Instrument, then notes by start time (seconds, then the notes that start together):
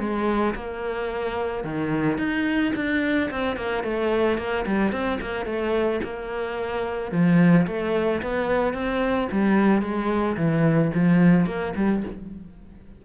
cello
0.00 G#3
0.55 A#3
1.64 D#3
2.18 D#4
2.76 D4
3.31 C4
3.57 A#3
3.84 A3
4.38 A#3
4.67 G3
4.92 C4
5.21 A#3
5.46 A3
6.04 A#3
7.12 F3
7.67 A3
8.22 B3
8.74 C4
9.32 G3
9.82 G#3
10.37 E3
10.95 F3
11.46 A#3
11.76 G3